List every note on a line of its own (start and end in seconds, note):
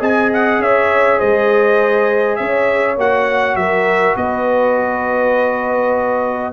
0.00 0.59 C4
0.00 2.97 G#4
0.00 0.60 D#5
0.00 0.32 G#5
0.34 0.62 F#5
0.59 1.18 C#4
0.59 1.19 C#5
0.59 1.20 E5
1.19 2.40 G#3
1.19 2.38 C5
1.19 2.36 D#5
2.36 2.98 C#4
2.36 3.59 C#5
2.36 2.95 E5
2.98 3.55 A#3
2.98 6.53 F#4
2.98 3.56 F#5
3.55 4.15 F#3
3.55 4.18 A#4
3.55 4.15 E5
4.16 6.53 B3
4.16 6.53 B4
4.16 6.53 D#5